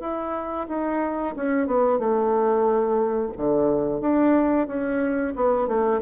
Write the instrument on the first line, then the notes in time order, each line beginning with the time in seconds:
bassoon
0.00 E4
0.68 D#4
1.36 C#4
1.67 B3
1.98 A3
3.37 D3
4.00 D4
4.67 C#4
5.36 B3
5.67 A3